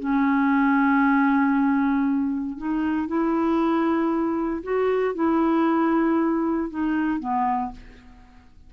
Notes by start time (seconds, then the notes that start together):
0.00 C#4
2.58 D#4
3.08 E4
4.64 F#4
5.15 E4
6.71 D#4
7.20 B3